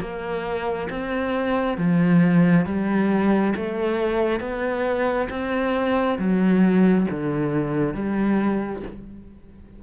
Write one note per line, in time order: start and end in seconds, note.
0.00 0.88 A#3
0.89 1.77 C4
1.77 2.66 F3
2.66 3.54 G3
3.56 4.40 A3
4.40 5.28 B3
5.30 6.18 C4
6.18 7.06 F#3
7.11 7.94 D3
7.94 8.82 G3